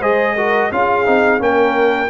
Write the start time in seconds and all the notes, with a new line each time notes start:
0.00 G#3 G#4 C5 D#5
0.36 F#4 A#4
0.72 C#4 F4 G#4 F5
1.06 C4 D#4
1.39 A#3 C#4 A#4 G5